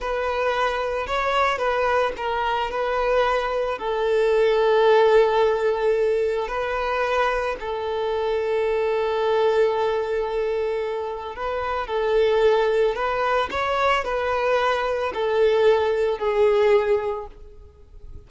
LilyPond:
\new Staff \with { instrumentName = "violin" } { \time 4/4 \tempo 4 = 111 b'2 cis''4 b'4 | ais'4 b'2 a'4~ | a'1 | b'2 a'2~ |
a'1~ | a'4 b'4 a'2 | b'4 cis''4 b'2 | a'2 gis'2 | }